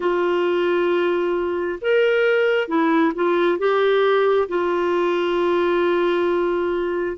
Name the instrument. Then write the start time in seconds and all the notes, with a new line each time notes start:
clarinet
0.00 F4
1.81 A#4
2.68 E4
3.14 F4
3.58 G4
4.48 F4